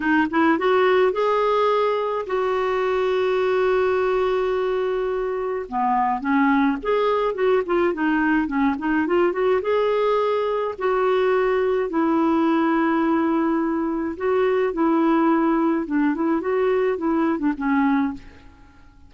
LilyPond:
\new Staff \with { instrumentName = "clarinet" } { \time 4/4 \tempo 4 = 106 dis'8 e'8 fis'4 gis'2 | fis'1~ | fis'2 b4 cis'4 | gis'4 fis'8 f'8 dis'4 cis'8 dis'8 |
f'8 fis'8 gis'2 fis'4~ | fis'4 e'2.~ | e'4 fis'4 e'2 | d'8 e'8 fis'4 e'8. d'16 cis'4 | }